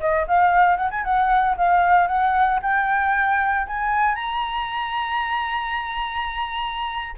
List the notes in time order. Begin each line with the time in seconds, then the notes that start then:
0.00 D#5
0.27 F5
0.76 F#5
0.90 G#5
1.04 F#5
1.57 F5
2.07 F#5
2.62 G5
3.67 G#5
4.15 A#5